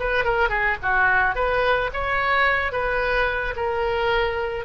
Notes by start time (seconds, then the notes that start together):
0.00 B4
0.25 A#4
0.50 G#4
0.83 F#4
1.35 B4
1.94 C#5
2.72 B4
3.56 A#4